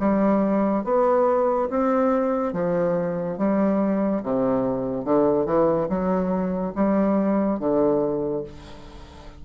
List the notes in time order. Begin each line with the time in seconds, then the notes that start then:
0.00 G3
0.84 B3
1.70 C4
2.53 F3
3.38 G3
4.23 C3
5.04 D3
5.45 E3
5.89 F#3
6.75 G3
7.59 D3